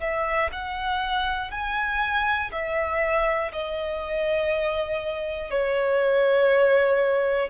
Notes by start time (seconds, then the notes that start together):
0.00 E5
0.52 F#5
1.51 G#5
2.52 E5
3.52 D#5
5.51 C#5